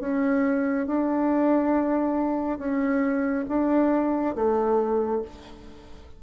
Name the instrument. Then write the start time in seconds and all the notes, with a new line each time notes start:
bassoon
0.00 C#4
0.87 D4
2.58 C#4
3.49 D4
4.35 A3